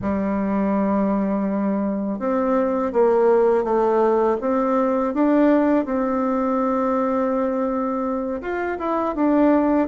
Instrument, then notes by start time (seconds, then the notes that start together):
bassoon
0.01 G3
2.19 C4
2.93 A#3
3.64 A3
4.41 C4
5.14 D4
5.85 C4
8.41 F4
8.78 E4
9.15 D4